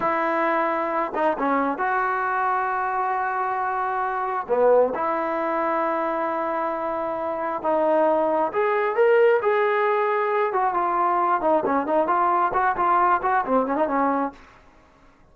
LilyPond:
\new Staff \with { instrumentName = "trombone" } { \time 4/4 \tempo 4 = 134 e'2~ e'8 dis'8 cis'4 | fis'1~ | fis'2 b4 e'4~ | e'1~ |
e'4 dis'2 gis'4 | ais'4 gis'2~ gis'8 fis'8 | f'4. dis'8 cis'8 dis'8 f'4 | fis'8 f'4 fis'8 c'8 cis'16 dis'16 cis'4 | }